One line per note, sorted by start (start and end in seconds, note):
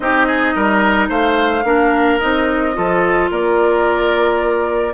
0.00 0.55 C4
0.00 1.61 D#4
0.00 0.26 G4
0.00 1.09 D#5
0.26 0.54 G#4
0.55 1.09 G3
0.55 1.08 A#4
1.08 1.64 A3
1.08 1.64 C5
1.08 2.19 F5
1.64 2.19 A#3
1.64 2.19 D4
1.64 2.76 A#4
2.19 2.77 C4
2.19 2.73 D#4
2.19 3.29 D#5
2.73 3.30 F3
2.73 4.93 F4
2.73 3.31 A4
3.30 4.93 A#3
3.30 4.93 A#4
3.30 4.93 D5